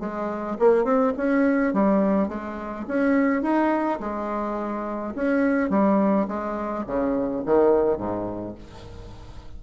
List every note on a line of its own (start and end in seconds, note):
0.00 0.57 G#3
0.59 0.84 A#3
0.84 1.13 C4
1.17 1.74 C#4
1.74 2.29 G3
2.29 2.86 G#3
2.88 3.42 C#4
3.42 3.99 D#4
4.00 5.15 G#3
5.15 5.70 C#4
5.70 6.27 G3
6.28 6.85 G#3
6.87 7.44 C#3
7.46 7.98 D#3
7.98 8.55 G#2